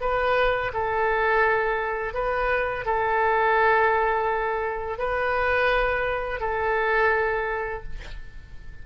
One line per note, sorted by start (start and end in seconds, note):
0.00 0.71 B4
0.73 2.13 A4
2.13 2.85 B4
2.85 4.98 A4
4.98 6.40 B4
6.40 7.83 A4